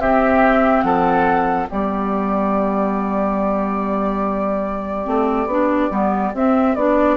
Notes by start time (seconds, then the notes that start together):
0.00 C4 G4 E5
0.82 F3 A4 F#5
1.66 G3 B3 G4 D5
5.04 A3 C4
5.46 B3 D4
5.90 G3 B3
6.34 C4 E5
6.75 B3 D4 D5